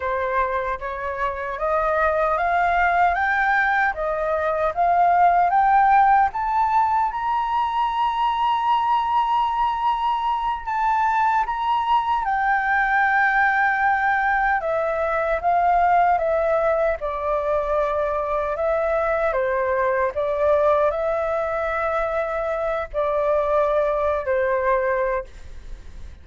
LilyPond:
\new Staff \with { instrumentName = "flute" } { \time 4/4 \tempo 4 = 76 c''4 cis''4 dis''4 f''4 | g''4 dis''4 f''4 g''4 | a''4 ais''2.~ | ais''4. a''4 ais''4 g''8~ |
g''2~ g''8 e''4 f''8~ | f''8 e''4 d''2 e''8~ | e''8 c''4 d''4 e''4.~ | e''4 d''4.~ d''16 c''4~ c''16 | }